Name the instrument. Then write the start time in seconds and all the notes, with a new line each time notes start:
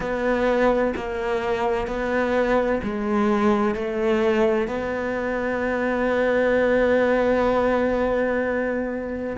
cello
0.00 B3
0.95 A#3
1.87 B3
2.83 G#3
3.75 A3
4.67 B3